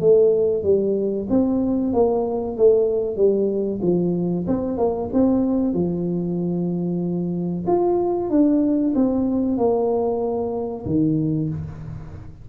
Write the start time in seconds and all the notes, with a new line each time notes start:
0.00 A3
0.63 G3
1.29 C4
1.93 A#3
2.57 A3
3.16 G3
3.82 F3
4.47 C4
4.78 A#3
5.13 C4
5.74 F3
7.67 F4
8.30 D4
8.95 C4
9.58 A#3
10.85 D#3